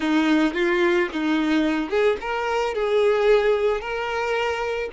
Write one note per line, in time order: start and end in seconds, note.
0.00 0.54 D#4
0.54 1.08 F4
1.12 1.89 D#4
1.89 2.16 G#4
2.20 2.74 A#4
2.74 3.80 G#4
3.80 4.89 A#4